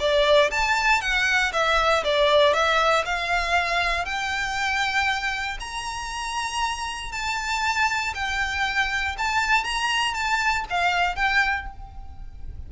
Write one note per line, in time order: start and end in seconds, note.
0.00 0.51 D5
0.51 1.01 A5
1.01 1.52 F#5
1.53 2.04 E5
2.04 2.54 D5
2.54 3.05 E5
3.06 4.05 F5
4.05 5.58 G5
5.60 7.12 A#5
7.12 8.14 A5
8.15 9.16 G5
9.18 9.64 A5
9.64 10.15 A#5
10.15 10.65 A5
10.70 11.16 F5
11.16 11.67 G5